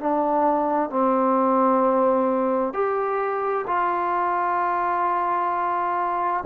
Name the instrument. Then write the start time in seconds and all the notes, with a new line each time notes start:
trombone
0.00 D4
0.90 C4
2.73 G4
3.67 F4